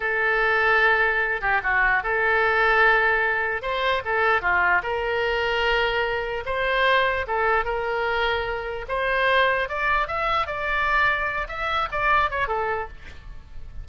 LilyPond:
\new Staff \with { instrumentName = "oboe" } { \time 4/4 \tempo 4 = 149 a'2.~ a'8 g'8 | fis'4 a'2.~ | a'4 c''4 a'4 f'4 | ais'1 |
c''2 a'4 ais'4~ | ais'2 c''2 | d''4 e''4 d''2~ | d''8 e''4 d''4 cis''8 a'4 | }